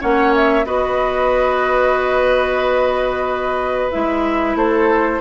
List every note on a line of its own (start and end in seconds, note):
0.00 0.66 A#3
0.00 0.65 C#4
0.00 0.66 C#5
0.00 0.35 F#5
0.35 0.66 E5
0.65 3.92 B3
0.65 3.92 F#4
0.65 4.57 B4
0.65 3.92 D#5
3.92 4.56 G#3
3.92 5.22 E4
3.92 4.57 E5
4.56 5.21 A3
4.56 5.22 A4
4.56 5.22 C5